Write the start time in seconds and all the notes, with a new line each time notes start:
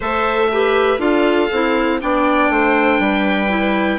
0.00 A3 A4 C5 E5
0.51 G4 B4
0.98 D4 F4 A4 F5
1.51 C4 E4
2.00 B3 D4 D5 G5
2.49 A3 C5
2.99 G3 B4
3.49 E4